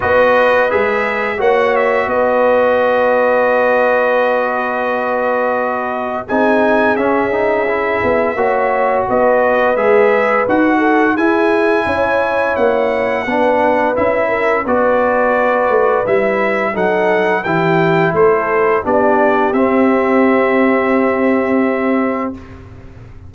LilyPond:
<<
  \new Staff \with { instrumentName = "trumpet" } { \time 4/4 \tempo 4 = 86 dis''4 e''4 fis''8 e''8 dis''4~ | dis''1~ | dis''4 gis''4 e''2~ | e''4 dis''4 e''4 fis''4 |
gis''2 fis''2 | e''4 d''2 e''4 | fis''4 g''4 c''4 d''4 | e''1 | }
  \new Staff \with { instrumentName = "horn" } { \time 4/4 b'2 cis''4 b'4~ | b'1~ | b'4 gis'2. | cis''4 b'2~ b'8 a'8 |
gis'4 cis''2 b'4~ | b'8 ais'8 b'2. | a'4 g'4 a'4 g'4~ | g'1 | }
  \new Staff \with { instrumentName = "trombone" } { \time 4/4 fis'4 gis'4 fis'2~ | fis'1~ | fis'4 dis'4 cis'8 dis'8 e'4 | fis'2 gis'4 fis'4 |
e'2. d'4 | e'4 fis'2 e'4 | dis'4 e'2 d'4 | c'1 | }
  \new Staff \with { instrumentName = "tuba" } { \time 4/4 b4 gis4 ais4 b4~ | b1~ | b4 c'4 cis'4. b8 | ais4 b4 gis4 dis'4 |
e'4 cis'4 ais4 b4 | cis'4 b4. a8 g4 | fis4 e4 a4 b4 | c'1 | }
>>